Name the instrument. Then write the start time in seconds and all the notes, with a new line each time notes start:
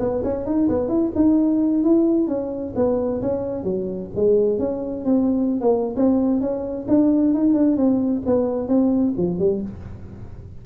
tuba
0.00 B3
0.24 C#4
0.46 D#4
0.69 B3
0.89 E4
1.16 D#4
1.84 E4
2.28 C#4
2.76 B3
3.22 C#4
3.64 F#3
4.16 G#3
4.59 C#4
5.05 C4
5.61 A#3
5.96 C4
6.41 C#4
6.88 D4
7.34 D#4
7.54 D4
7.77 C4
8.27 B3
8.69 C4
9.17 F3
9.39 G3